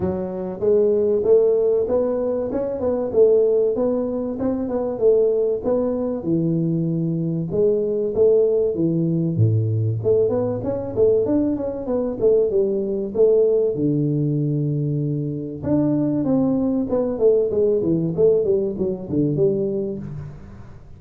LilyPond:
\new Staff \with { instrumentName = "tuba" } { \time 4/4 \tempo 4 = 96 fis4 gis4 a4 b4 | cis'8 b8 a4 b4 c'8 b8 | a4 b4 e2 | gis4 a4 e4 a,4 |
a8 b8 cis'8 a8 d'8 cis'8 b8 a8 | g4 a4 d2~ | d4 d'4 c'4 b8 a8 | gis8 e8 a8 g8 fis8 d8 g4 | }